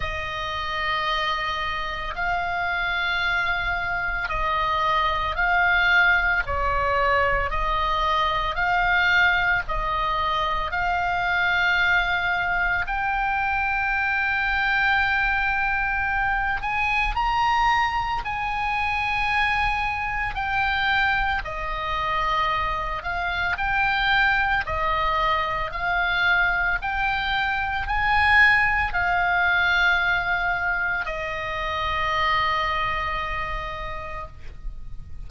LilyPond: \new Staff \with { instrumentName = "oboe" } { \time 4/4 \tempo 4 = 56 dis''2 f''2 | dis''4 f''4 cis''4 dis''4 | f''4 dis''4 f''2 | g''2.~ g''8 gis''8 |
ais''4 gis''2 g''4 | dis''4. f''8 g''4 dis''4 | f''4 g''4 gis''4 f''4~ | f''4 dis''2. | }